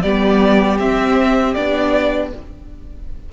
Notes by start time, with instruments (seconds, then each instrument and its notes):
0.00 cello G3, viola B3, violin G4 D5
0.78 cello C4, viola C4, violin E5
1.53 cello B3, viola D4, violin D5